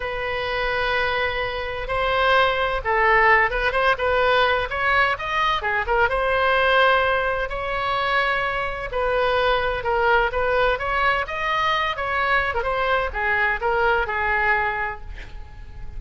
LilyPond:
\new Staff \with { instrumentName = "oboe" } { \time 4/4 \tempo 4 = 128 b'1 | c''2 a'4. b'8 | c''8 b'4. cis''4 dis''4 | gis'8 ais'8 c''2. |
cis''2. b'4~ | b'4 ais'4 b'4 cis''4 | dis''4. cis''4~ cis''16 ais'16 c''4 | gis'4 ais'4 gis'2 | }